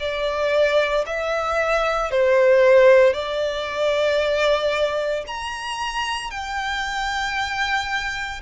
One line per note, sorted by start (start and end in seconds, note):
0.00 1.05 D5
1.07 2.11 E5
2.11 3.14 C5
3.14 5.24 D5
5.27 6.31 A#5
6.31 8.42 G5